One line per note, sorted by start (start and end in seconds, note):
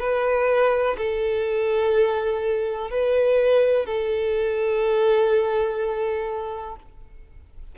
0.00 0.97 B4
0.98 2.91 A4
2.91 3.86 B4
3.86 6.77 A4